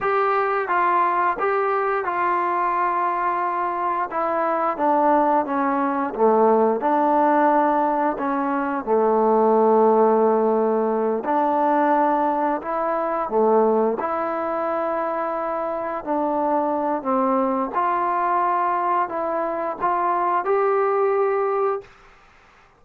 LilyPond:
\new Staff \with { instrumentName = "trombone" } { \time 4/4 \tempo 4 = 88 g'4 f'4 g'4 f'4~ | f'2 e'4 d'4 | cis'4 a4 d'2 | cis'4 a2.~ |
a8 d'2 e'4 a8~ | a8 e'2. d'8~ | d'4 c'4 f'2 | e'4 f'4 g'2 | }